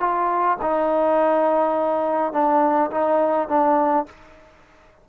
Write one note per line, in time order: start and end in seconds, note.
0.00 0.58 F4
0.62 2.33 D#4
2.33 2.91 D4
2.91 3.49 D#4
3.49 4.06 D4